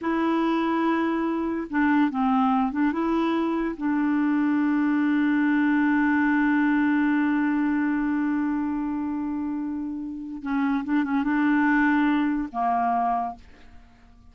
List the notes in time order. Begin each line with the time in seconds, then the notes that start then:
0.01 E4
1.70 D4
2.10 C4
2.71 D4
2.92 E4
3.77 D4
10.42 C#4
10.84 D4
11.04 C#4
11.23 D4
12.52 A#3